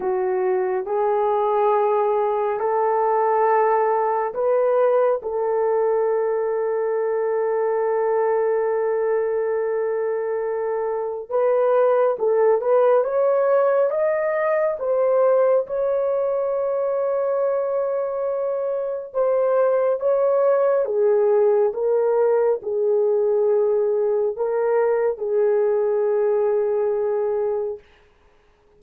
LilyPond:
\new Staff \with { instrumentName = "horn" } { \time 4/4 \tempo 4 = 69 fis'4 gis'2 a'4~ | a'4 b'4 a'2~ | a'1~ | a'4 b'4 a'8 b'8 cis''4 |
dis''4 c''4 cis''2~ | cis''2 c''4 cis''4 | gis'4 ais'4 gis'2 | ais'4 gis'2. | }